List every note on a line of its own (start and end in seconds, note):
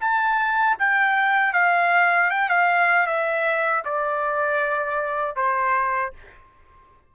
0.00 0.77 A5
0.79 1.53 G5
1.53 2.30 F5
2.30 2.49 G5
2.49 3.06 F5
3.06 3.83 E5
3.85 5.36 D5
5.36 6.13 C5